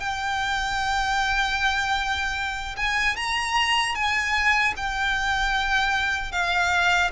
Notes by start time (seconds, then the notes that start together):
0.00 G5
2.77 G#5
3.17 A#5
3.95 G#5
4.77 G5
6.32 F5